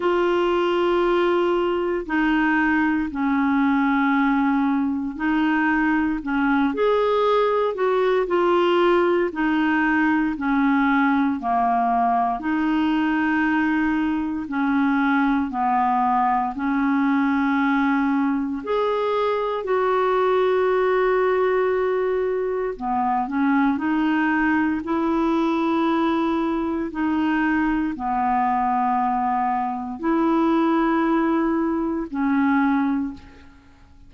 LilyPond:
\new Staff \with { instrumentName = "clarinet" } { \time 4/4 \tempo 4 = 58 f'2 dis'4 cis'4~ | cis'4 dis'4 cis'8 gis'4 fis'8 | f'4 dis'4 cis'4 ais4 | dis'2 cis'4 b4 |
cis'2 gis'4 fis'4~ | fis'2 b8 cis'8 dis'4 | e'2 dis'4 b4~ | b4 e'2 cis'4 | }